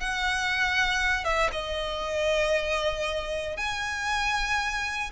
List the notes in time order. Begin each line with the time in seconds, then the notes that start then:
0.00 F#5
1.24 E5
1.52 D#5
3.57 G#5